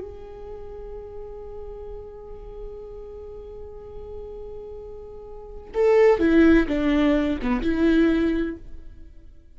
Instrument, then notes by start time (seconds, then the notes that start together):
viola
0.00 G#4
5.74 A4
6.20 E4
6.68 D4
7.42 B3
7.63 E4